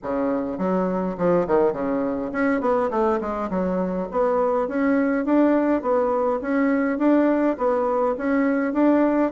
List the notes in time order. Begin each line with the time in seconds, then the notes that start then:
0.03 C#3
0.58 F#3
1.17 F3
1.47 D#3
1.72 C#3
2.32 C#4
2.61 B3
2.90 A3
3.20 G#3
3.50 F#3
4.11 B3
4.68 C#4
5.25 D4
5.81 B3
6.41 C#4
6.98 D4
7.57 B3
8.17 C#4
8.73 D4